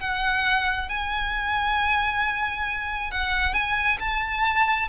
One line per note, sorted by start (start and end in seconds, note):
0.00 0.89 F#5
0.89 3.11 G#5
3.11 3.54 F#5
3.54 3.98 G#5
4.00 4.89 A5